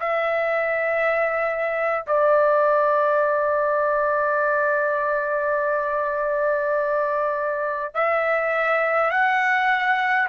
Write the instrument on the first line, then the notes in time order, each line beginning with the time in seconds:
trumpet
0.00 E5
2.07 D5
7.95 E5
9.11 F#5